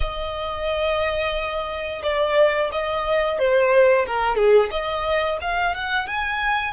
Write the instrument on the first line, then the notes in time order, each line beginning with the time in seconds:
violin
0.00 D#5
2.02 D5
2.72 D#5
3.38 C5
4.06 A#4
4.36 G#4
4.70 D#5
5.41 F5
5.74 F#5
6.07 G#5